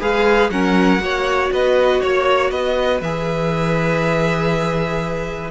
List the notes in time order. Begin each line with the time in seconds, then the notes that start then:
0.00 G#3 G#4 B4 F5
0.50 F#3 C#4 A#4 F#5
0.99 A#3 F#4 C#5
1.51 B3 B4 D#5
2.00 A#3 C#5
2.51 B3 B4 D#5
3.01 E3 G#4 E5